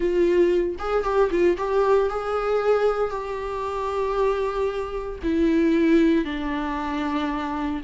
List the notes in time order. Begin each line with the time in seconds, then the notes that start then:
0.00 F4
0.78 G#4
1.03 G4
1.30 F4
1.57 G4
2.09 G#4
3.10 G4
5.23 E4
6.25 D4